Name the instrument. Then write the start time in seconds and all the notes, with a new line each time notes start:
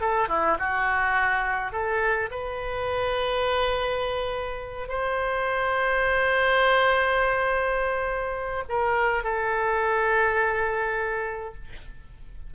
oboe
0.00 A4
0.28 E4
0.58 F#4
1.72 A4
2.31 B4
4.88 C5
8.69 A#4
9.23 A4